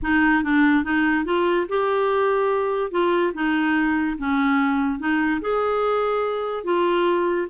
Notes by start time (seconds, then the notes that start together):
0.02 D#4
0.43 D4
0.83 D#4
1.25 F4
1.68 G4
2.91 F4
3.34 D#4
4.18 C#4
4.99 D#4
5.41 G#4
6.64 F4